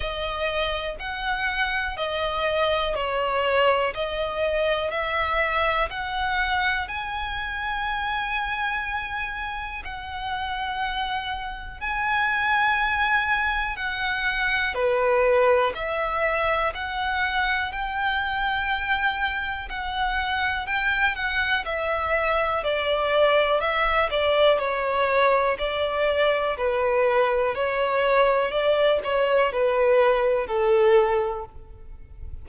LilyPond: \new Staff \with { instrumentName = "violin" } { \time 4/4 \tempo 4 = 61 dis''4 fis''4 dis''4 cis''4 | dis''4 e''4 fis''4 gis''4~ | gis''2 fis''2 | gis''2 fis''4 b'4 |
e''4 fis''4 g''2 | fis''4 g''8 fis''8 e''4 d''4 | e''8 d''8 cis''4 d''4 b'4 | cis''4 d''8 cis''8 b'4 a'4 | }